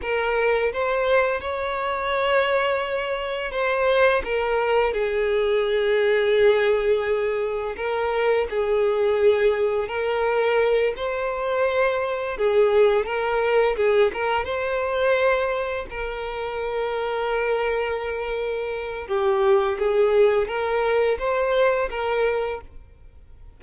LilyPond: \new Staff \with { instrumentName = "violin" } { \time 4/4 \tempo 4 = 85 ais'4 c''4 cis''2~ | cis''4 c''4 ais'4 gis'4~ | gis'2. ais'4 | gis'2 ais'4. c''8~ |
c''4. gis'4 ais'4 gis'8 | ais'8 c''2 ais'4.~ | ais'2. g'4 | gis'4 ais'4 c''4 ais'4 | }